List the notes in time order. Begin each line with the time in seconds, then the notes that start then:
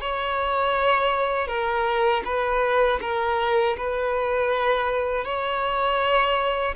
0.00 C#5
1.47 A#4
2.24 B4
3.01 A#4
3.77 B4
5.25 C#5